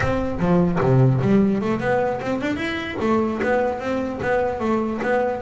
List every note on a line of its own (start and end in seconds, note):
0.00 0.38 C4
0.39 0.79 F3
0.80 1.20 C3
1.21 1.61 G3
1.61 1.80 A3
1.80 2.20 B3
2.21 2.41 C4
2.41 2.56 D4
2.56 2.96 E4
3.00 3.40 A3
3.43 3.79 B3
3.79 4.19 C4
4.22 4.59 B3
4.59 4.99 A3
5.02 5.41 B3